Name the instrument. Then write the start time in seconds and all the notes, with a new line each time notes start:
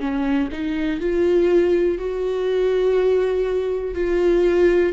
viola
0.00 C#4
0.52 D#4
1.00 F4
1.99 F#4
3.95 F4